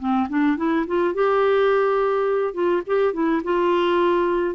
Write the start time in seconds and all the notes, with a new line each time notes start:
0.00 C4
0.30 D4
0.58 E4
0.88 F4
1.15 G4
2.54 F4
2.87 G4
3.14 E4
3.44 F4